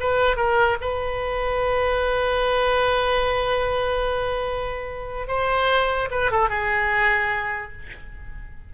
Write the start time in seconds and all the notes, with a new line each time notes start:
0.00 B4
0.36 A#4
0.81 B4
5.28 C5
6.11 B4
6.31 A4
6.49 G#4